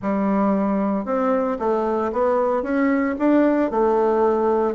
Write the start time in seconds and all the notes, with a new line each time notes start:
0.01 G3
1.05 C4
1.59 A3
2.12 B3
2.62 C#4
3.18 D4
3.70 A3